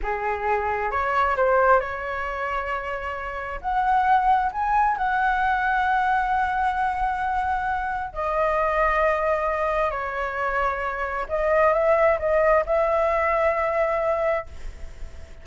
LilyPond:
\new Staff \with { instrumentName = "flute" } { \time 4/4 \tempo 4 = 133 gis'2 cis''4 c''4 | cis''1 | fis''2 gis''4 fis''4~ | fis''1~ |
fis''2 dis''2~ | dis''2 cis''2~ | cis''4 dis''4 e''4 dis''4 | e''1 | }